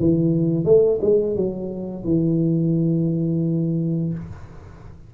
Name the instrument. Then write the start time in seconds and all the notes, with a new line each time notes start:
tuba
0.00 E3
0.65 A3
1.02 G#3
1.36 F#3
2.05 E3